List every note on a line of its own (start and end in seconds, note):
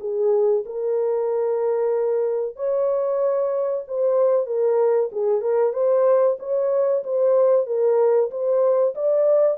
0.00 0.64 G#4
0.66 2.56 A#4
2.56 3.84 C#5
3.87 4.46 C5
4.46 5.10 A#4
5.12 5.41 G#4
5.41 5.73 A#4
5.73 6.37 C5
6.39 7.03 C#5
7.03 7.66 C5
7.66 8.30 A#4
8.31 8.94 C5
8.94 9.57 D5